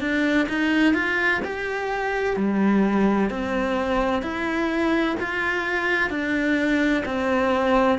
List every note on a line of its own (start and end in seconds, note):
0.00 0.47 D4
0.49 0.94 D#4
0.94 1.41 F4
1.44 2.36 G4
2.36 3.30 G3
3.30 4.22 C4
4.22 5.16 E4
5.20 6.09 F4
6.09 7.03 D4
7.05 7.99 C4